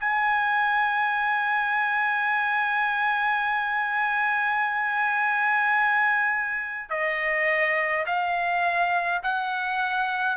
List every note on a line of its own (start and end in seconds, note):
0.00 6.90 G#5
6.90 8.05 D#5
8.06 9.22 F5
9.23 10.37 F#5